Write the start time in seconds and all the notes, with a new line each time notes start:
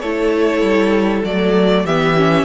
0.00 A3 E4 A4 C#5
0.62 G3
1.23 F#3 A3 D5
1.85 E3 B3 G4 E5
2.16 C#4